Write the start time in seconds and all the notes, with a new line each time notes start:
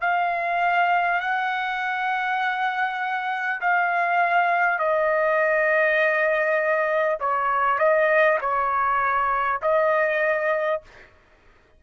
0.00 F5
1.20 F#5
3.61 F5
4.78 D#5
7.20 C#5
7.78 D#5
8.40 C#5
9.62 D#5